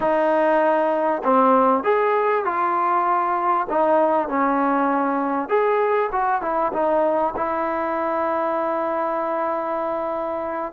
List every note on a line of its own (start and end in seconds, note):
0.00 1.22 D#4
1.23 1.83 C4
1.83 2.44 G#4
2.44 3.67 F4
3.69 4.28 D#4
4.28 5.49 C#4
5.49 6.10 G#4
6.12 6.41 F#4
6.41 6.72 E4
6.72 7.34 D#4
7.36 10.72 E4